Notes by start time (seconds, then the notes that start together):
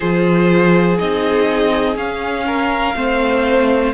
0.00 F3 F4 G#4 C5
0.98 C4 D#4 D#5
1.95 C#4 F5
2.46 A#4
2.95 A3 C4 C5